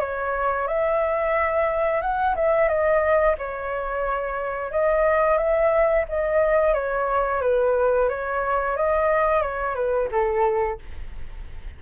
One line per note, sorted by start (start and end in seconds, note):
0.00 0.67 C#5
0.67 2.01 E5
2.01 2.35 F#5
2.35 2.68 E5
2.68 3.36 D#5
3.38 4.71 C#5
4.71 5.37 D#5
5.37 6.05 E5
6.09 6.74 D#5
6.74 7.41 C#5
7.42 8.09 B4
8.09 8.76 C#5
8.77 9.42 D#5
9.42 9.75 C#5
9.75 10.08 B4
10.11 10.79 A4